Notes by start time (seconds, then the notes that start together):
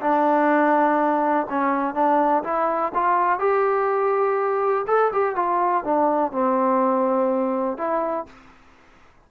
0.00 D4
1.49 C#4
1.94 D4
2.43 E4
2.94 F4
3.39 G4
4.87 A4
5.12 G4
5.35 F4
5.84 D4
6.31 C4
7.77 E4